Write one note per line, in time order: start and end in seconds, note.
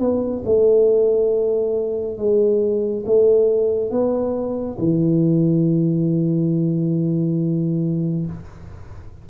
0.00 0.43 B3
0.46 2.18 A3
2.18 3.05 G#3
3.06 3.91 A3
3.91 4.78 B3
4.79 8.27 E3